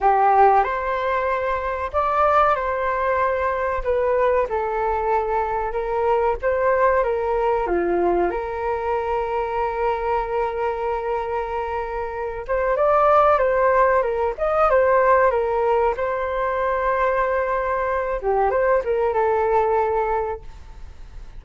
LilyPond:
\new Staff \with { instrumentName = "flute" } { \time 4/4 \tempo 4 = 94 g'4 c''2 d''4 | c''2 b'4 a'4~ | a'4 ais'4 c''4 ais'4 | f'4 ais'2.~ |
ais'2.~ ais'8 c''8 | d''4 c''4 ais'8 dis''8 c''4 | ais'4 c''2.~ | c''8 g'8 c''8 ais'8 a'2 | }